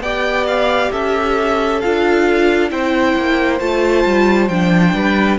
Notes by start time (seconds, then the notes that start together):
0.00 B3 G4 D5 G5
0.47 F5
0.92 C#4 A4 E5
1.81 D4 F4 F5
2.70 C4 E4 C5 G5
3.16 A#3
3.59 A3 F4 A5
4.05 G3
4.48 F3 D4 G5
4.94 G3 B4